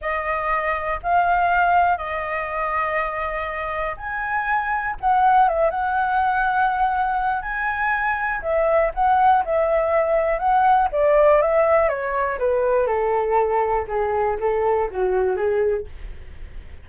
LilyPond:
\new Staff \with { instrumentName = "flute" } { \time 4/4 \tempo 4 = 121 dis''2 f''2 | dis''1 | gis''2 fis''4 e''8 fis''8~ | fis''2. gis''4~ |
gis''4 e''4 fis''4 e''4~ | e''4 fis''4 d''4 e''4 | cis''4 b'4 a'2 | gis'4 a'4 fis'4 gis'4 | }